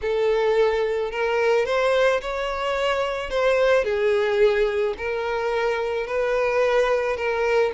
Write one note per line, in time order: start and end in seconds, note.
0.01 1.11 A4
1.11 1.65 A#4
1.65 2.20 C5
2.21 3.30 C#5
3.30 3.84 C5
3.84 4.94 G#4
4.97 6.07 A#4
6.07 7.16 B4
7.16 7.71 A#4